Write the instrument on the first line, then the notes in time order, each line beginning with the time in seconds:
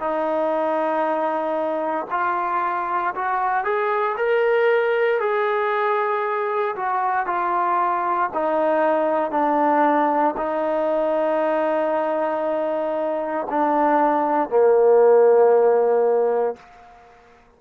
trombone
0.00 D#4
2.11 F4
3.15 F#4
3.64 G#4
4.17 A#4
5.21 G#4
6.76 F#4
7.26 F4
8.34 D#4
9.31 D4
10.37 D#4
13.50 D4
14.50 A#3